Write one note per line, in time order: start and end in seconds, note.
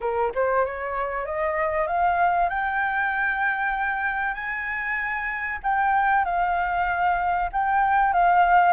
0.00 0.32 A#4
0.34 0.65 C5
0.65 1.25 C#5
1.25 1.87 D#5
1.87 2.49 F5
2.49 4.34 G5
4.34 5.59 G#5
5.63 6.24 G5
6.24 7.49 F5
7.52 8.13 G5
8.13 8.72 F5